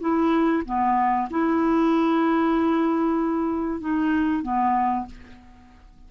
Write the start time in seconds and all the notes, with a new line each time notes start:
0.00 E4
0.65 B3
1.30 E4
3.80 D#4
4.43 B3